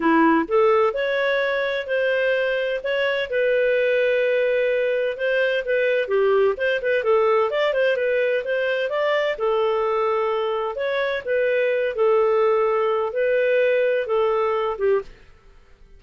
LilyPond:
\new Staff \with { instrumentName = "clarinet" } { \time 4/4 \tempo 4 = 128 e'4 a'4 cis''2 | c''2 cis''4 b'4~ | b'2. c''4 | b'4 g'4 c''8 b'8 a'4 |
d''8 c''8 b'4 c''4 d''4 | a'2. cis''4 | b'4. a'2~ a'8 | b'2 a'4. g'8 | }